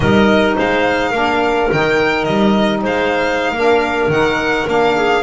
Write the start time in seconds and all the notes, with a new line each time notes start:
0.00 G3 D#4 A#4 D#5
0.56 G#3 C5 F5
1.10 A#3 D4 A#4
1.71 D#3 D#4 G5
2.24 G3 D#5
2.82 G#3 C5 F5
3.51 A#3 D4 A#4
4.08 D#3 D#4 F#5
4.66 A#3 D4 F5
4.95 G#4